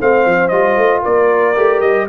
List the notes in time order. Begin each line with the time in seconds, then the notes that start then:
0.00 A3 C4 C5 F5
0.25 F3
0.48 G3 F4 D#5
0.77 A3
1.02 A#3 A#4 D5
1.56 A3 G4
1.81 G3 D#5